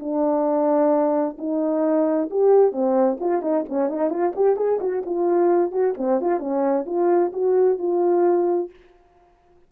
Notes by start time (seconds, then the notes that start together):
0.00 D4
1.38 D#4
2.30 G4
2.72 C4
3.20 F4
3.42 D#4
3.69 C#4
3.89 D#4
4.10 F4
4.36 G4
4.57 G#4
4.80 F#4
5.06 F4
5.72 F#4
5.98 C4
6.21 F4
6.40 C#4
6.86 F4
7.33 F#4
7.79 F4